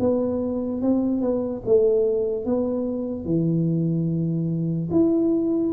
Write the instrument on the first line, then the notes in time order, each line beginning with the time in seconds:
tuba
0.00 B3
0.82 C4
1.21 B3
1.66 A3
2.45 B3
3.25 E3
4.91 E4